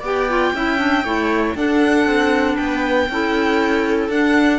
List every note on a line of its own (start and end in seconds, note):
0.00 0.53 B3
0.00 0.29 G4
0.00 0.51 D5
0.00 1.56 G5
0.29 0.54 F4
0.53 1.04 C#4
0.53 0.78 E4
0.53 1.04 E5
0.78 1.03 D4
1.04 1.55 A3
1.04 1.55 E4
1.04 1.55 C#5
1.55 2.06 D4
1.55 3.08 D4
1.55 2.56 A4
1.55 2.57 F#5
2.06 2.57 C4
2.56 3.09 B3
2.56 3.06 B4
2.56 4.09 G5
3.09 4.09 C#4
3.09 4.10 E4
3.09 4.58 A4
4.09 4.58 D4
4.09 4.58 F#5